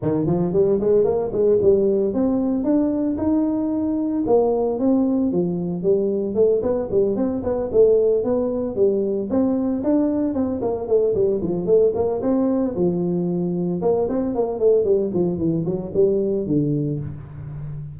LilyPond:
\new Staff \with { instrumentName = "tuba" } { \time 4/4 \tempo 4 = 113 dis8 f8 g8 gis8 ais8 gis8 g4 | c'4 d'4 dis'2 | ais4 c'4 f4 g4 | a8 b8 g8 c'8 b8 a4 b8~ |
b8 g4 c'4 d'4 c'8 | ais8 a8 g8 f8 a8 ais8 c'4 | f2 ais8 c'8 ais8 a8 | g8 f8 e8 fis8 g4 d4 | }